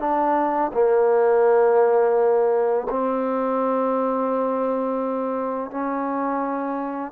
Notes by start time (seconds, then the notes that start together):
0.00 D4
0.73 A#3
2.90 C4
5.71 C#4